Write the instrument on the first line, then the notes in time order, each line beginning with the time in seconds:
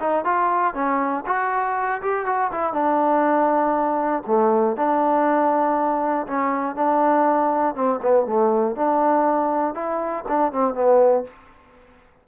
trombone
0.00 D#4
0.25 F4
0.74 C#4
1.26 F#4
2.02 G4
2.26 F#4
2.52 E4
2.73 D4
4.27 A3
4.77 D4
6.27 C#4
6.75 D4
7.75 C4
8.02 B3
8.26 A3
8.76 D4
9.75 E4
10.28 D4
10.52 C4
10.74 B3